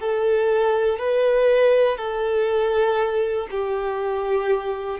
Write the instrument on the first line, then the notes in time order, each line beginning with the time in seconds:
violin
0.00 A4
0.99 B4
1.97 A4
3.51 G4